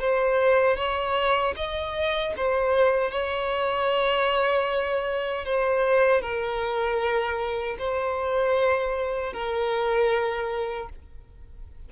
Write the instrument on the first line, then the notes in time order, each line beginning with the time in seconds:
violin
0.00 C5
0.77 C#5
1.56 D#5
2.37 C5
3.11 C#5
5.45 C5
6.21 A#4
7.79 C5
9.33 A#4